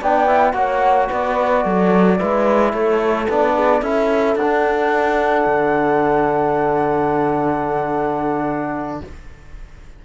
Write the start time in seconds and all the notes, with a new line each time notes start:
0.00 B3 D4 D5 G5
0.26 E4
0.51 A#3 F#4 C#5 F#5
1.07 B3 B4 D5
1.64 F#3 A4
2.18 G#3 E4 B4
2.71 A3 A4 C#5
3.29 B3 D4 D5
3.55 G#4
3.81 C#4 E4 A4 E5
4.35 D4 F#5
4.41 D4
5.46 D3